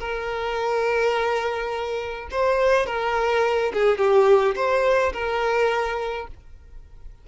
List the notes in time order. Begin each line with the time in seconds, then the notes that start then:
0.00 A#4
2.31 C5
2.86 A#4
3.73 G#4
3.98 G4
4.55 C5
5.13 A#4